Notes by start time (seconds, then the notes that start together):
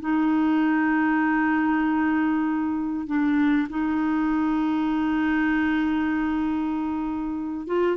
0.00 D#4
3.06 D4
3.69 D#4
7.67 F4